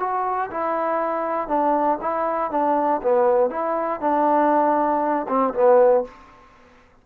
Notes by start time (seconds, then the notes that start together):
0.00 F#4
0.51 E4
1.49 D4
2.02 E4
2.51 D4
3.03 B3
3.51 E4
4.01 D4
5.29 C4
5.54 B3